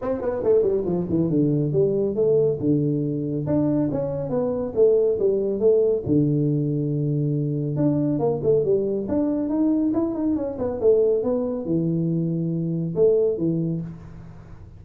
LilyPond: \new Staff \with { instrumentName = "tuba" } { \time 4/4 \tempo 4 = 139 c'8 b8 a8 g8 f8 e8 d4 | g4 a4 d2 | d'4 cis'4 b4 a4 | g4 a4 d2~ |
d2 d'4 ais8 a8 | g4 d'4 dis'4 e'8 dis'8 | cis'8 b8 a4 b4 e4~ | e2 a4 e4 | }